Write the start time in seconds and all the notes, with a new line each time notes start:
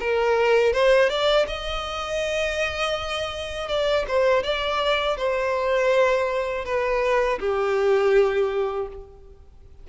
0.00 A#4
0.73 C5
1.10 D5
1.48 D#5
3.69 D5
4.08 C5
4.43 D5
5.18 C5
6.65 B4
7.40 G4